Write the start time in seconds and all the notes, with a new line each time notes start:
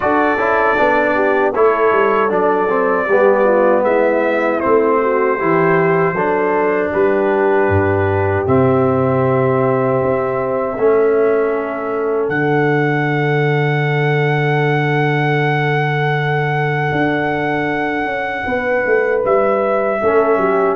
0.00 D4 F#4 A4 D5
0.37 C#4 E4
0.76 B3 D4
1.15 G4
1.54 A3 E4 A4 C#5
1.92 G3
2.29 F#3 D4 D5
2.69 C4
3.07 G3 B3 G4
3.43 F4
3.82 G#3 E4 E5
4.60 C4 C5
4.66 A3
5.01 F#4
5.37 E3 E4 G4
6.12 F#3 D4 A4
6.91 G3 G4 B4
7.68 G2
8.46 C3 C4 E5
10.02 C4
10.77 A3 C#4 A4
12.29 D3 D4 F#5
16.91 D4
18.04 C#4
18.46 B3 B4
18.86 A3
19.24 G3 E5
20.01 A3 C#4 A4
20.37 F#3 G4